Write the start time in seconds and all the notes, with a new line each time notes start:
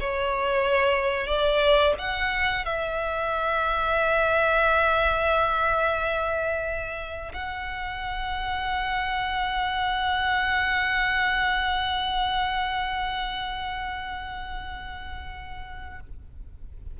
0.00 C#5
1.27 D5
1.98 F#5
2.65 E5
7.33 F#5